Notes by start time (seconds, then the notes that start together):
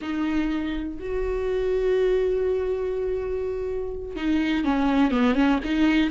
0.01 D#4
0.99 F#4
4.16 D#4
4.64 C#4
5.11 B3
5.35 C#4
5.63 D#4